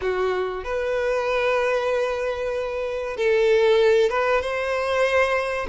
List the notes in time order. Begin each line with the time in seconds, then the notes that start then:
0.01 F#4
0.64 B4
3.16 A4
4.09 B4
4.41 C5